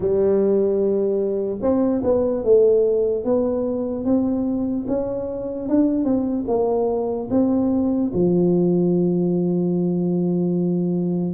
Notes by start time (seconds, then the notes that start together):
0.00 G3
1.61 C4
2.03 B3
2.44 A3
3.24 B3
4.04 C4
4.87 C#4
5.68 D4
6.04 C4
6.47 A#3
7.30 C4
8.13 F3